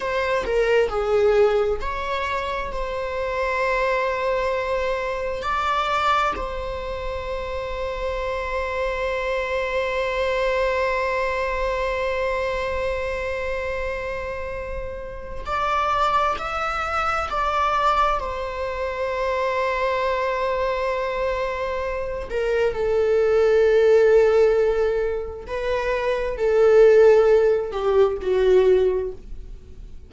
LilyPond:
\new Staff \with { instrumentName = "viola" } { \time 4/4 \tempo 4 = 66 c''8 ais'8 gis'4 cis''4 c''4~ | c''2 d''4 c''4~ | c''1~ | c''1~ |
c''4 d''4 e''4 d''4 | c''1~ | c''8 ais'8 a'2. | b'4 a'4. g'8 fis'4 | }